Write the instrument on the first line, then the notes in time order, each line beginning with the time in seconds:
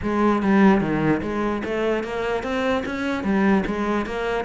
cello
0.02 G#3
0.42 G3
0.80 D#3
1.22 G#3
1.64 A3
2.03 A#3
2.43 C4
2.85 C#4
3.23 G3
3.66 G#3
4.06 A#3